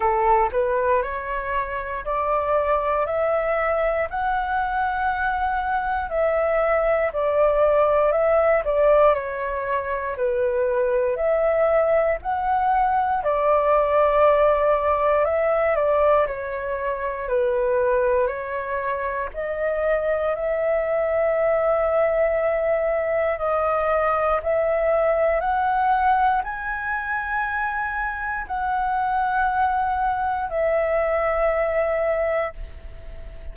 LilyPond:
\new Staff \with { instrumentName = "flute" } { \time 4/4 \tempo 4 = 59 a'8 b'8 cis''4 d''4 e''4 | fis''2 e''4 d''4 | e''8 d''8 cis''4 b'4 e''4 | fis''4 d''2 e''8 d''8 |
cis''4 b'4 cis''4 dis''4 | e''2. dis''4 | e''4 fis''4 gis''2 | fis''2 e''2 | }